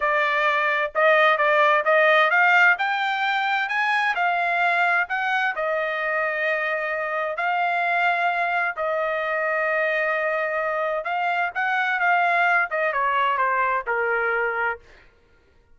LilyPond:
\new Staff \with { instrumentName = "trumpet" } { \time 4/4 \tempo 4 = 130 d''2 dis''4 d''4 | dis''4 f''4 g''2 | gis''4 f''2 fis''4 | dis''1 |
f''2. dis''4~ | dis''1 | f''4 fis''4 f''4. dis''8 | cis''4 c''4 ais'2 | }